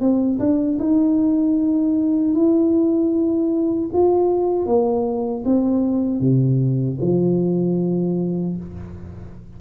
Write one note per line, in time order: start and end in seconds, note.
0.00 0.39 C4
0.39 0.78 D4
0.79 2.34 D#4
2.34 3.90 E4
3.93 4.66 F4
4.66 5.44 A#3
5.45 6.20 C4
6.20 6.98 C3
7.01 8.57 F3